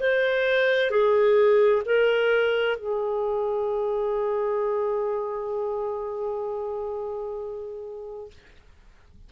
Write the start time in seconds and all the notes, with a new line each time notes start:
0.00 C5
0.91 G#4
1.85 A#4
2.77 G#4